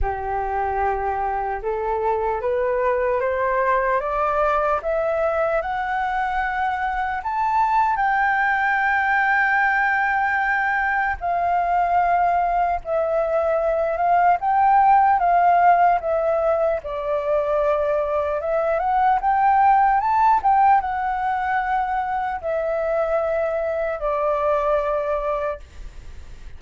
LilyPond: \new Staff \with { instrumentName = "flute" } { \time 4/4 \tempo 4 = 75 g'2 a'4 b'4 | c''4 d''4 e''4 fis''4~ | fis''4 a''4 g''2~ | g''2 f''2 |
e''4. f''8 g''4 f''4 | e''4 d''2 e''8 fis''8 | g''4 a''8 g''8 fis''2 | e''2 d''2 | }